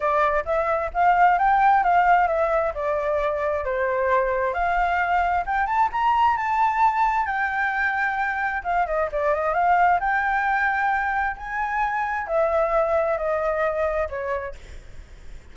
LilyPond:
\new Staff \with { instrumentName = "flute" } { \time 4/4 \tempo 4 = 132 d''4 e''4 f''4 g''4 | f''4 e''4 d''2 | c''2 f''2 | g''8 a''8 ais''4 a''2 |
g''2. f''8 dis''8 | d''8 dis''8 f''4 g''2~ | g''4 gis''2 e''4~ | e''4 dis''2 cis''4 | }